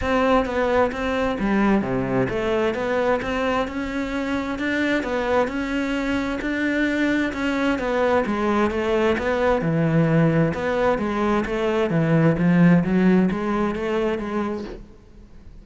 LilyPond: \new Staff \with { instrumentName = "cello" } { \time 4/4 \tempo 4 = 131 c'4 b4 c'4 g4 | c4 a4 b4 c'4 | cis'2 d'4 b4 | cis'2 d'2 |
cis'4 b4 gis4 a4 | b4 e2 b4 | gis4 a4 e4 f4 | fis4 gis4 a4 gis4 | }